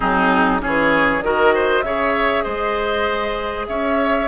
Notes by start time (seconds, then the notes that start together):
0.00 F#3 C4 D#4 G#4
0.59 C#4 G#4 C#5
0.65 E3
1.21 D#3 F#4 A#4 D#5
1.54 C5
1.82 C#3 G#4 C#5 E5
2.43 G#3 C5 D#5
3.67 C#4 C#5 E5